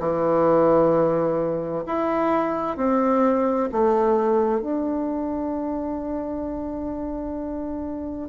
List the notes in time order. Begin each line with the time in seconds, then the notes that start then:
0.00 E3
1.87 E4
2.77 C4
3.73 A3
4.62 D4